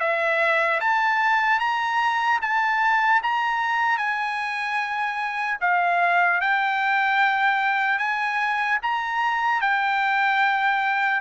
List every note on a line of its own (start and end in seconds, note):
0.00 0.80 E5
0.80 1.60 A5
1.60 2.40 A#5
2.42 3.22 A5
3.23 3.98 A#5
3.98 5.58 G#5
5.61 6.41 F5
6.41 7.98 G5
7.98 8.78 G#5
8.83 9.61 A#5
9.61 11.21 G5